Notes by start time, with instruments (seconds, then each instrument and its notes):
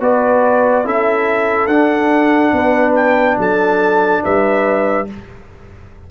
0.00 tuba B3, trombone F#4, horn B4, trumpet D5
0.84 tuba C#4, trombone E4, horn A4, trumpet E5
1.67 tuba D4, trombone D4, trumpet F#5
2.52 tuba B3, horn B4
2.95 trumpet G5
3.38 tuba F#3, horn A4, trumpet A5
4.24 tuba G3, horn B4, trumpet E5